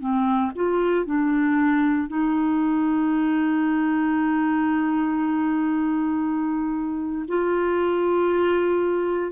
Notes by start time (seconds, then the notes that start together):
0.00 C4
0.55 F4
1.06 D4
2.08 D#4
7.28 F4